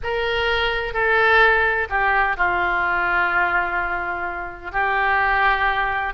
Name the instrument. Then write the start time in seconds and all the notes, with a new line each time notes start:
oboe
0.03 A#4
0.93 A4
1.89 G4
2.36 F4
4.72 G4